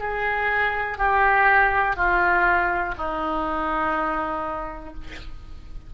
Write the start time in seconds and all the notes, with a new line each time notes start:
0.00 G#4
0.98 G4
1.96 F4
2.98 D#4